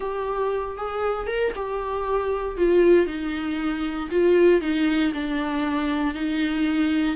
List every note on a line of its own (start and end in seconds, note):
0.00 0.77 G4
0.77 1.27 G#4
1.27 1.52 A#4
1.55 2.57 G4
2.57 3.06 F4
3.06 4.09 D#4
4.10 4.61 F4
4.61 5.12 D#4
5.13 6.14 D4
6.14 7.15 D#4